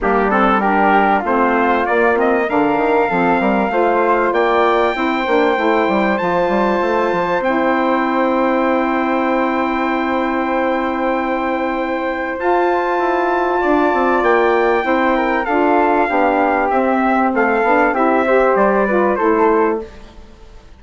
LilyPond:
<<
  \new Staff \with { instrumentName = "trumpet" } { \time 4/4 \tempo 4 = 97 g'8 a'8 ais'4 c''4 d''8 dis''8 | f''2. g''4~ | g''2 a''2 | g''1~ |
g''1 | a''2. g''4~ | g''4 f''2 e''4 | f''4 e''4 d''4 c''4 | }
  \new Staff \with { instrumentName = "flute" } { \time 4/4 d'4 g'4 f'2 | ais'4 a'8 ais'8 c''4 d''4 | c''1~ | c''1~ |
c''1~ | c''2 d''2 | c''8 ais'8 a'4 g'2 | a'4 g'8 c''4 b'8 a'4 | }
  \new Staff \with { instrumentName = "saxophone" } { \time 4/4 ais8 c'8 d'4 c'4 ais8 c'8 | d'4 c'4 f'2 | e'8 d'8 e'4 f'2 | e'1~ |
e'1 | f'1 | e'4 f'4 d'4 c'4~ | c'8 d'8 e'8 g'4 f'8 e'4 | }
  \new Staff \with { instrumentName = "bassoon" } { \time 4/4 g2 a4 ais4 | d8 dis8 f8 g8 a4 ais4 | c'8 ais8 a8 g8 f8 g8 a8 f8 | c'1~ |
c'1 | f'4 e'4 d'8 c'8 ais4 | c'4 d'4 b4 c'4 | a8 b8 c'4 g4 a4 | }
>>